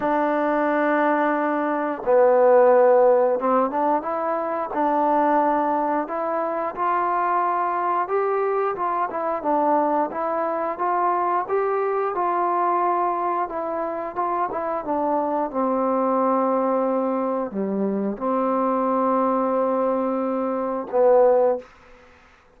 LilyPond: \new Staff \with { instrumentName = "trombone" } { \time 4/4 \tempo 4 = 89 d'2. b4~ | b4 c'8 d'8 e'4 d'4~ | d'4 e'4 f'2 | g'4 f'8 e'8 d'4 e'4 |
f'4 g'4 f'2 | e'4 f'8 e'8 d'4 c'4~ | c'2 g4 c'4~ | c'2. b4 | }